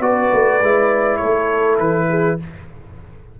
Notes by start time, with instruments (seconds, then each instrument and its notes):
0.00 tuba B3, trombone F#4, horn B4, trumpet D5
0.33 tuba A3
0.61 tuba G#3, trombone E4
1.17 tuba A3, horn A4, trumpet C#5
1.78 tuba E3, trumpet B4
2.09 horn G#4